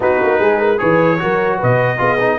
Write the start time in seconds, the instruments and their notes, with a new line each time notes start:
0.00 tuba B3, trombone D#4, horn F#4, trumpet B4
0.21 tuba A#3
0.40 tuba G#3, horn G#4
0.59 horn A#4
0.78 tuba E3, trombone G#4, horn B4, trumpet C#5
1.18 tuba F#3, trombone F#4, horn A#4
1.57 tuba B2, horn B4, trumpet D#5
1.97 tuba B3, trombone F4, horn G#4
2.19 trombone D#4